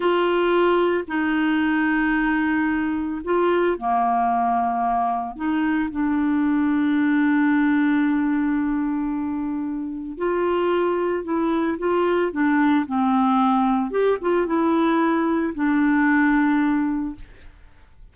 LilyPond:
\new Staff \with { instrumentName = "clarinet" } { \time 4/4 \tempo 4 = 112 f'2 dis'2~ | dis'2 f'4 ais4~ | ais2 dis'4 d'4~ | d'1~ |
d'2. f'4~ | f'4 e'4 f'4 d'4 | c'2 g'8 f'8 e'4~ | e'4 d'2. | }